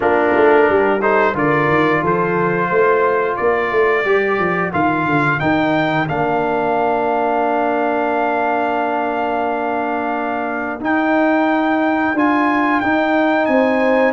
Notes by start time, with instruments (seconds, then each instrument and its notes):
0.00 tuba A#3, trombone D4, horn F4, trumpet A#4
0.35 tuba A3
0.69 tuba G3, horn G4
1.01 trombone D#4, horn A4, trumpet C5
1.34 tuba D3, trombone F4, horn A#4, trumpet D5
1.68 tuba D#3
2.02 tuba F3, horn A4, trumpet C5
2.70 tuba A3, horn C5
3.34 tuba A#3, horn A#4, trumpet D5
3.71 tuba A3
4.04 tuba G3, trombone G4
4.38 tuba F3
4.72 tuba D#3, trombone F4, trumpet F5
5.05 tuba D3
5.39 tuba D#3, trombone D#4, trumpet G5
6.08 tuba A#3, trombone D4, trumpet F5
10.80 trombone D#4, tuba D#4, trumpet G5
12.13 tuba D4, trombone F4, trumpet G#5
12.80 tuba D#4, trombone D#4, trumpet G5
13.45 tuba C4, horn C5, trumpet G#5